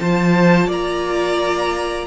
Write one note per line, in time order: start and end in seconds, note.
0.00 0.67 F3
0.00 2.07 F4
0.00 0.67 C5
0.00 0.70 A5
0.67 2.07 A#3
0.67 2.07 D5
0.67 2.07 A#5